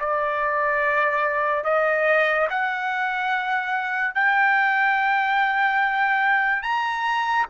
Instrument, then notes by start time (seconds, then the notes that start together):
trumpet
0.00 D5
1.64 D#5
2.50 F#5
4.15 G5
6.62 A#5